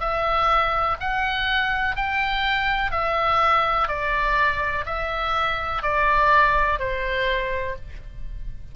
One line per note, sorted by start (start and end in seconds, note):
0.00 0.97 E5
1.00 1.96 F#5
1.96 2.91 G5
2.91 3.88 E5
3.88 4.85 D5
4.86 5.82 E5
5.82 6.79 D5
6.79 7.76 C5